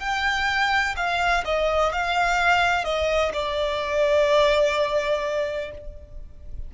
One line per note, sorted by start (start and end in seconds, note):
0.00 0.95 G5
0.97 1.44 F5
1.45 1.93 D#5
1.93 2.84 F5
2.84 3.32 D#5
3.33 5.71 D5